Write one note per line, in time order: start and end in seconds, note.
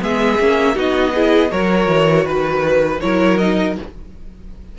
0.00 0.40 G#3
0.00 0.38 B3
0.00 0.76 G#4
0.00 0.78 E5
0.40 0.77 A#3
0.40 0.75 C#4
0.75 1.52 B3
0.75 1.13 D#4
0.75 1.13 F#4
0.75 1.52 D#5
1.15 1.50 E4
1.15 1.52 G#4
1.50 1.88 F#3
1.50 3.00 F#4
1.50 2.26 A#4
1.50 2.27 C#5
1.88 2.25 E3
2.25 3.00 D#3
2.25 3.01 B4
3.01 3.79 F#3
3.01 3.40 E4
3.01 3.78 A#4
3.01 3.38 C#5
3.38 3.78 D#4
3.38 3.76 D#5